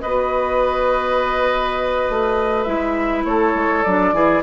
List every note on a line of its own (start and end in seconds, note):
0.00 2.09 B3
0.00 2.66 F#4
0.00 3.25 B4
0.00 2.63 D#5
2.09 2.66 A3
2.63 3.24 G#3
2.63 3.84 E4
2.63 3.22 E5
3.24 3.54 A3
3.24 4.14 A4
3.24 3.83 C#5
3.54 3.84 G#3
3.83 4.12 F#3
3.83 4.14 D4
3.83 4.42 D5
4.12 4.42 E3
4.12 4.43 E4
4.12 4.43 G#4